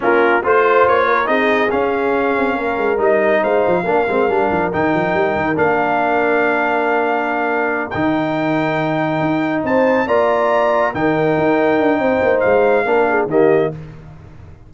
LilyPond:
<<
  \new Staff \with { instrumentName = "trumpet" } { \time 4/4 \tempo 4 = 140 ais'4 c''4 cis''4 dis''4 | f''2. dis''4 | f''2. g''4~ | g''4 f''2.~ |
f''2~ f''8 g''4.~ | g''2~ g''8 a''4 ais''8~ | ais''4. g''2~ g''8~ | g''4 f''2 dis''4 | }
  \new Staff \with { instrumentName = "horn" } { \time 4/4 f'4 c''4. ais'8 gis'4~ | gis'2 ais'2 | c''4 ais'2.~ | ais'1~ |
ais'1~ | ais'2~ ais'8 c''4 d''8~ | d''4. ais'2~ ais'8 | c''2 ais'8 gis'8 g'4 | }
  \new Staff \with { instrumentName = "trombone" } { \time 4/4 cis'4 f'2 dis'4 | cis'2. dis'4~ | dis'4 d'8 c'8 d'4 dis'4~ | dis'4 d'2.~ |
d'2~ d'8 dis'4.~ | dis'2.~ dis'8 f'8~ | f'4. dis'2~ dis'8~ | dis'2 d'4 ais4 | }
  \new Staff \with { instrumentName = "tuba" } { \time 4/4 ais4 a4 ais4 c'4 | cis'4. c'8 ais8 gis8 g4 | gis8 f8 ais8 gis8 g8 f8 dis8 f8 | g8 dis8 ais2.~ |
ais2~ ais8 dis4.~ | dis4. dis'4 c'4 ais8~ | ais4. dis4 dis'4 d'8 | c'8 ais8 gis4 ais4 dis4 | }
>>